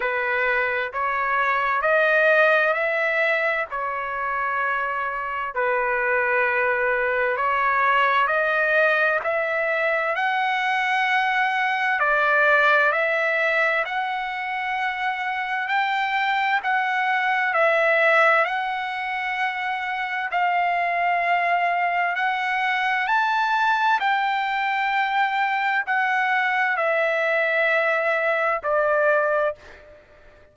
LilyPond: \new Staff \with { instrumentName = "trumpet" } { \time 4/4 \tempo 4 = 65 b'4 cis''4 dis''4 e''4 | cis''2 b'2 | cis''4 dis''4 e''4 fis''4~ | fis''4 d''4 e''4 fis''4~ |
fis''4 g''4 fis''4 e''4 | fis''2 f''2 | fis''4 a''4 g''2 | fis''4 e''2 d''4 | }